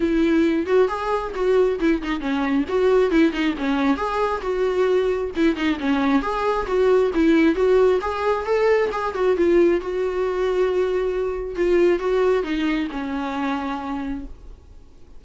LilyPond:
\new Staff \with { instrumentName = "viola" } { \time 4/4 \tempo 4 = 135 e'4. fis'8 gis'4 fis'4 | e'8 dis'8 cis'4 fis'4 e'8 dis'8 | cis'4 gis'4 fis'2 | e'8 dis'8 cis'4 gis'4 fis'4 |
e'4 fis'4 gis'4 a'4 | gis'8 fis'8 f'4 fis'2~ | fis'2 f'4 fis'4 | dis'4 cis'2. | }